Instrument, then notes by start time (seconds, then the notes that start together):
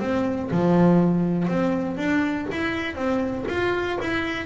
double bass
0.00 C4
0.51 F3
1.48 C4
1.97 D4
2.51 E4
2.95 C4
3.49 F4
4.00 E4